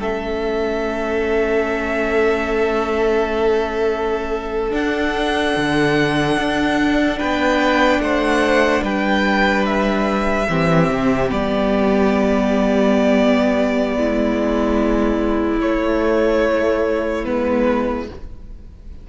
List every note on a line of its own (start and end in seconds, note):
0.00 4.73 A3
0.00 4.71 C#4
0.00 7.19 A4
0.00 4.73 E5
4.71 10.46 D4
4.71 5.56 D4
4.71 7.20 F#5
5.57 6.37 D3
6.37 7.20 D4
7.19 8.00 B3
7.19 8.01 B4
7.19 8.02 G5
8.00 8.82 A3
8.00 8.83 C5
8.00 8.84 F#5
8.83 10.47 G3
8.83 10.48 B4
8.83 9.66 G5
9.66 11.30 E5
10.49 10.90 E3
10.49 11.29 C4
10.49 13.97 G4
10.90 11.31 C3
11.29 13.97 G3
11.29 15.60 B3
11.29 15.61 D5
13.97 15.61 G#3
13.97 18.08 E4
15.61 17.25 A3
15.61 17.26 A3
15.61 17.25 C#5
17.26 18.10 G#3
17.26 18.08 B3
17.26 18.08 B4